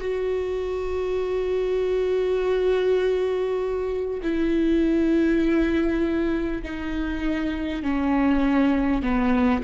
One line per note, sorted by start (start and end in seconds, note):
0.00 4.20 F#4
4.22 6.62 E4
6.62 7.82 D#4
7.82 9.02 C#4
9.02 9.62 B3